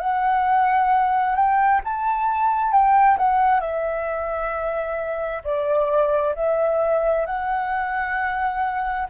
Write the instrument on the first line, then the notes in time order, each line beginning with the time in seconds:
flute
0.00 F#5
1.36 G5
1.85 A5
2.72 G5
3.18 F#5
3.61 E5
5.44 D5
6.36 E5
7.26 F#5